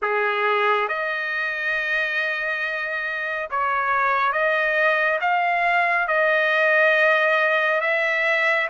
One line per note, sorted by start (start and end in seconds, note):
0.02 0.88 G#4
0.88 3.49 D#5
3.50 4.32 C#5
4.32 5.19 D#5
5.20 6.07 F5
6.07 7.81 D#5
7.81 8.68 E5